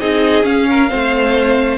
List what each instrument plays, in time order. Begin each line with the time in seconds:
0.00 cello C4, viola D#4, violin G#4 D#5
0.43 viola C#4, cello C#4, violin F5
0.70 violin A#4
0.89 cello A3, viola C4, violin C5